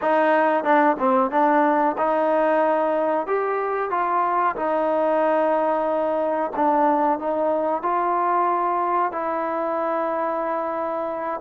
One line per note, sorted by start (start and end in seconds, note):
0.01 0.63 D#4
0.63 0.96 D4
0.98 1.30 C4
1.30 1.96 D4
1.97 3.26 D#4
3.26 3.90 G4
3.90 4.55 F4
4.55 6.51 D#4
6.55 7.19 D4
7.19 7.82 D#4
7.82 9.12 F4
9.12 11.40 E4